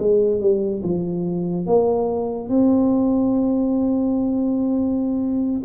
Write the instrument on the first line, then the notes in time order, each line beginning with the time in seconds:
tuba
0.00 G#3
0.41 G3
0.83 F3
1.67 A#3
2.49 C4